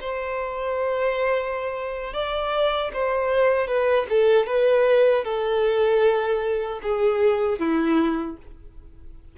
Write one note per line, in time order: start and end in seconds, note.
0.00 2.14 C5
2.14 2.91 D5
2.93 3.67 C5
3.67 4.06 B4
4.09 4.47 A4
4.47 5.24 B4
5.24 6.80 A4
6.83 7.59 G#4
7.59 8.37 E4